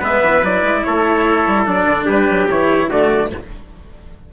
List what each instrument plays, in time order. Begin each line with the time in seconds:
0.00 bassoon G#3, cello B3, trumpet B4 E5
0.22 bassoon E3
0.43 bassoon F#3, cello E4, trumpet D5
0.63 bassoon G#3
0.84 bassoon A3, trumpet A4 C#5
1.47 bassoon G3
1.66 bassoon F#3, cello D4, trumpet D5
1.86 bassoon D3
2.05 bassoon G3, trumpet G4 B4
2.30 bassoon F#3
2.49 bassoon E3, cello E4, trumpet C#5
2.89 bassoon D3, cello A3, trumpet F#4 D5